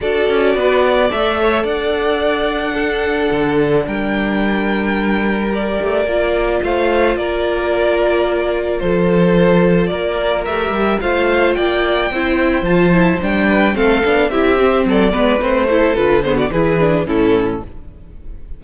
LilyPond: <<
  \new Staff \with { instrumentName = "violin" } { \time 4/4 \tempo 4 = 109 d''2 e''4 fis''4~ | fis''2. g''4~ | g''2 d''2 | f''4 d''2. |
c''2 d''4 e''4 | f''4 g''2 a''4 | g''4 f''4 e''4 d''4 | c''4 b'8 c''16 d''16 b'4 a'4 | }
  \new Staff \with { instrumentName = "violin" } { \time 4/4 a'4 b'8 d''4 cis''8 d''4~ | d''4 a'2 ais'4~ | ais'1 | c''4 ais'2. |
a'2 ais'2 | c''4 d''4 c''2~ | c''8 b'8 a'4 g'4 a'8 b'8~ | b'8 a'4 gis'16 fis'16 gis'4 e'4 | }
  \new Staff \with { instrumentName = "viola" } { \time 4/4 fis'2 a'2~ | a'4 d'2.~ | d'2 g'4 f'4~ | f'1~ |
f'2. g'4 | f'2 e'4 f'8 e'8 | d'4 c'8 d'8 e'8 c'4 b8 | c'8 e'8 f'8 b8 e'8 d'8 cis'4 | }
  \new Staff \with { instrumentName = "cello" } { \time 4/4 d'8 cis'8 b4 a4 d'4~ | d'2 d4 g4~ | g2~ g8 a8 ais4 | a4 ais2. |
f2 ais4 a8 g8 | a4 ais4 c'4 f4 | g4 a8 b8 c'4 fis8 gis8 | a4 d4 e4 a,4 | }
>>